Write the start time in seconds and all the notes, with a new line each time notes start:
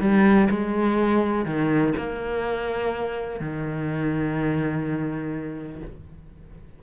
0.00 G3
0.50 G#3
1.45 D#3
1.97 A#3
3.40 D#3